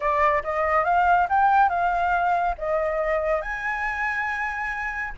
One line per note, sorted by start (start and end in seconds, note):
0.00 0.42 D5
0.43 0.84 D#5
0.84 1.27 F5
1.29 1.69 G5
1.69 2.55 F5
2.58 3.41 D#5
3.41 5.13 G#5